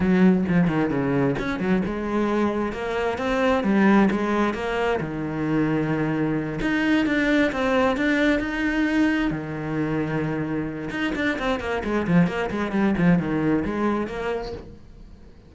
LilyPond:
\new Staff \with { instrumentName = "cello" } { \time 4/4 \tempo 4 = 132 fis4 f8 dis8 cis4 cis'8 fis8 | gis2 ais4 c'4 | g4 gis4 ais4 dis4~ | dis2~ dis8 dis'4 d'8~ |
d'8 c'4 d'4 dis'4.~ | dis'8 dis2.~ dis8 | dis'8 d'8 c'8 ais8 gis8 f8 ais8 gis8 | g8 f8 dis4 gis4 ais4 | }